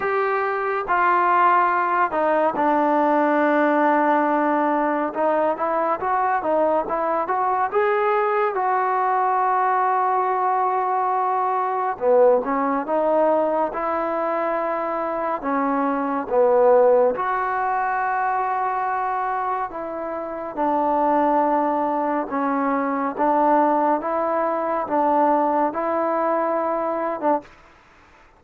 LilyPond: \new Staff \with { instrumentName = "trombone" } { \time 4/4 \tempo 4 = 70 g'4 f'4. dis'8 d'4~ | d'2 dis'8 e'8 fis'8 dis'8 | e'8 fis'8 gis'4 fis'2~ | fis'2 b8 cis'8 dis'4 |
e'2 cis'4 b4 | fis'2. e'4 | d'2 cis'4 d'4 | e'4 d'4 e'4.~ e'16 d'16 | }